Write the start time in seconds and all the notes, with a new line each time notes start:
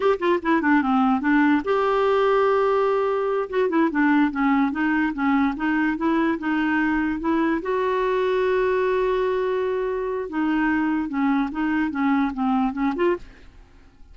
0.00 G4
0.19 F4
0.42 E4
0.61 D4
0.82 C4
1.20 D4
1.64 G4
3.49 F#4
3.69 E4
3.90 D4
4.31 C#4
4.71 D#4
5.13 C#4
5.56 D#4
5.97 E4
6.38 D#4
7.20 E4
7.62 F#4
10.29 D#4
11.08 C#4
11.51 D#4
11.90 C#4
12.33 C4
12.73 C#4
12.95 F4